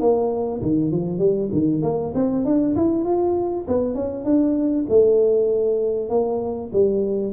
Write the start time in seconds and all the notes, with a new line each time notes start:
0.00 A#3
0.62 D#3
0.91 F3
1.19 G3
1.52 D#3
1.82 A#3
2.15 C4
2.45 D4
2.76 E4
3.04 F4
3.68 B3
3.94 C#4
4.24 D4
4.89 A3
6.09 A#3
6.72 G3